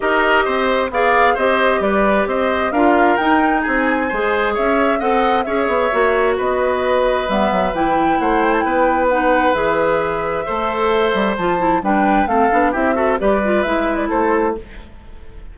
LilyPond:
<<
  \new Staff \with { instrumentName = "flute" } { \time 4/4 \tempo 4 = 132 dis''2 f''4 dis''4 | d''4 dis''4 f''4 g''4 | gis''2 e''4 fis''4 | e''2 dis''2 |
e''4 g''4 fis''8 g''16 a''16 g''4 | fis''4 e''2.~ | e''4 a''4 g''4 f''4 | e''4 d''4 e''8. d''16 c''4 | }
  \new Staff \with { instrumentName = "oboe" } { \time 4/4 ais'4 c''4 d''4 c''4 | b'4 c''4 ais'2 | gis'4 c''4 cis''4 dis''4 | cis''2 b'2~ |
b'2 c''4 b'4~ | b'2. c''4~ | c''2 b'4 a'4 | g'8 a'8 b'2 a'4 | }
  \new Staff \with { instrumentName = "clarinet" } { \time 4/4 g'2 gis'4 g'4~ | g'2 f'4 dis'4~ | dis'4 gis'2 a'4 | gis'4 fis'2. |
b4 e'2. | dis'4 gis'2 a'4~ | a'4 f'8 e'8 d'4 c'8 d'8 | e'8 fis'8 g'8 f'8 e'2 | }
  \new Staff \with { instrumentName = "bassoon" } { \time 4/4 dis'4 c'4 b4 c'4 | g4 c'4 d'4 dis'4 | c'4 gis4 cis'4 c'4 | cis'8 b8 ais4 b2 |
g8 fis8 e4 a4 b4~ | b4 e2 a4~ | a8 g8 f4 g4 a8 b8 | c'4 g4 gis4 a4 | }
>>